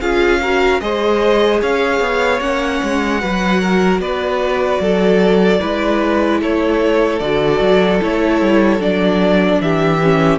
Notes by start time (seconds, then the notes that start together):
0.00 C#4 F4 G#4 F5
0.41 F#4 A#4
0.80 G#3 G#4 C5 D#5
1.61 C#4 C#5 F5
2.00 B3
2.40 A#3 C#4 F#5
2.83 G#3
3.21 F#3 F#4 B4
3.61 A#4
3.99 B3 B4 D5
4.80 F#3 A4
5.60 G#3 E4 B4
6.42 A3 A4 C#5
7.20 D3 F#4 D5
7.61 F#3
8.02 A3 E4 C#5
8.42 G3
8.79 F#3 D4 D5
9.60 E3 G4 E5
10.02 C#4